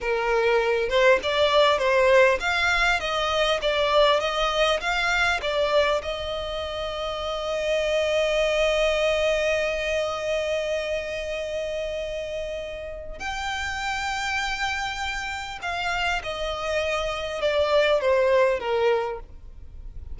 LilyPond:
\new Staff \with { instrumentName = "violin" } { \time 4/4 \tempo 4 = 100 ais'4. c''8 d''4 c''4 | f''4 dis''4 d''4 dis''4 | f''4 d''4 dis''2~ | dis''1~ |
dis''1~ | dis''2 g''2~ | g''2 f''4 dis''4~ | dis''4 d''4 c''4 ais'4 | }